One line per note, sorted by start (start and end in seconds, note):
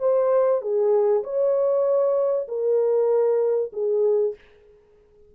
0.00 0.62 C5
0.62 1.24 G#4
1.24 2.48 C#5
2.48 3.72 A#4
3.73 4.35 G#4